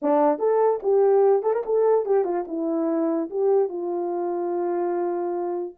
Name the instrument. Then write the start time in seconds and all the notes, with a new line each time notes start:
horn
0.02 D4
0.38 A4
0.82 G4
1.42 A4
1.53 A#4
1.65 A4
2.05 G4
2.24 F4
2.47 E4
3.30 G4
3.68 F4